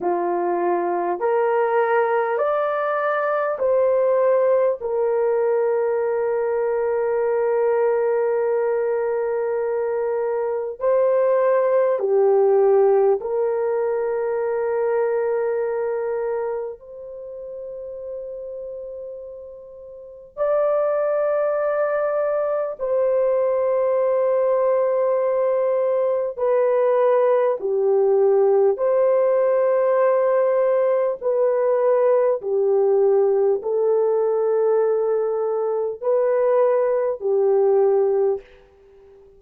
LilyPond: \new Staff \with { instrumentName = "horn" } { \time 4/4 \tempo 4 = 50 f'4 ais'4 d''4 c''4 | ais'1~ | ais'4 c''4 g'4 ais'4~ | ais'2 c''2~ |
c''4 d''2 c''4~ | c''2 b'4 g'4 | c''2 b'4 g'4 | a'2 b'4 g'4 | }